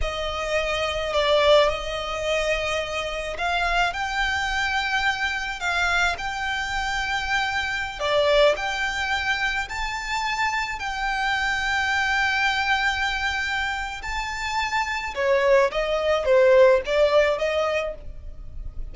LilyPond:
\new Staff \with { instrumentName = "violin" } { \time 4/4 \tempo 4 = 107 dis''2 d''4 dis''4~ | dis''2 f''4 g''4~ | g''2 f''4 g''4~ | g''2~ g''16 d''4 g''8.~ |
g''4~ g''16 a''2 g''8.~ | g''1~ | g''4 a''2 cis''4 | dis''4 c''4 d''4 dis''4 | }